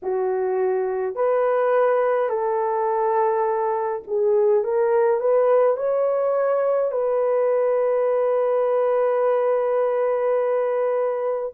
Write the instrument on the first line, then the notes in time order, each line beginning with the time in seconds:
horn
0.02 F#4
1.15 B4
2.29 A4
4.07 G#4
4.64 A#4
5.20 B4
5.76 C#5
6.91 B4